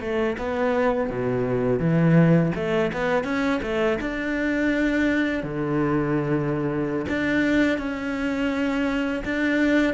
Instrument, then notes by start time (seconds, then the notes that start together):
cello
0.00 A3
0.37 B3
1.09 B2
1.79 E3
2.55 A3
2.92 B3
3.24 C#4
3.62 A3
4.01 D4
5.43 D3
7.08 D4
7.78 C#4
9.24 D4